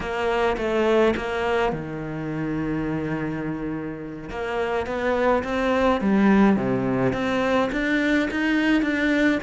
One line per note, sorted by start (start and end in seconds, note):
0.00 0.57 A#3
0.57 1.14 A3
1.16 1.72 A#3
1.72 4.29 D#3
4.30 4.86 A#3
4.86 5.43 B3
5.43 6.00 C4
6.01 6.56 G3
6.56 7.12 C3
7.12 7.70 C4
7.71 8.29 D4
8.30 8.82 D#4
8.82 9.39 D4